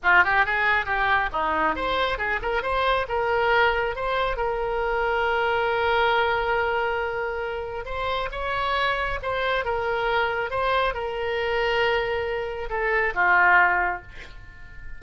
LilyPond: \new Staff \with { instrumentName = "oboe" } { \time 4/4 \tempo 4 = 137 f'8 g'8 gis'4 g'4 dis'4 | c''4 gis'8 ais'8 c''4 ais'4~ | ais'4 c''4 ais'2~ | ais'1~ |
ais'2 c''4 cis''4~ | cis''4 c''4 ais'2 | c''4 ais'2.~ | ais'4 a'4 f'2 | }